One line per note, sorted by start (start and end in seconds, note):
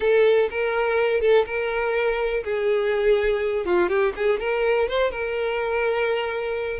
0.00 0.49 A4
0.50 1.20 A#4
1.20 1.45 A4
1.46 2.43 A#4
2.43 3.65 G#4
3.65 3.88 F4
3.88 4.13 G4
4.16 4.39 G#4
4.39 4.88 A#4
4.88 5.11 C5
5.11 6.79 A#4